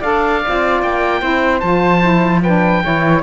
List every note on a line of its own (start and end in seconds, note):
0.00 0.45 D4
0.00 0.42 A4
0.00 1.20 D5
0.00 0.82 F5
0.45 0.83 C4
0.45 1.21 F4
0.82 1.22 A#3
0.82 1.60 G5
1.21 1.62 C4
1.21 1.61 E4
1.21 2.41 C5
1.60 2.82 F3
1.60 2.02 F4
1.60 2.40 A5
2.02 2.42 E4
2.43 2.83 D4
2.43 2.83 B4
2.43 3.23 G5
2.83 3.23 E3
2.83 3.23 E4
2.83 3.23 C#5